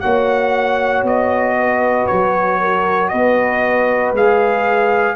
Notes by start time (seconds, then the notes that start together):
0.00 A#3 F#4 C#5 F#5
1.03 B3 D#5
1.59 B4
2.07 F#3 C#5
2.60 A#4
3.08 B3 B4 D#5
4.12 G#3 G#4 F5